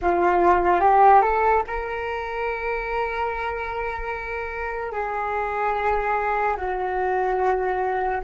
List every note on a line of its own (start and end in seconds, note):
0.01 0.80 F4
0.80 1.21 G4
1.21 1.62 A4
1.67 4.92 A#4
4.92 6.56 G#4
6.56 8.21 F#4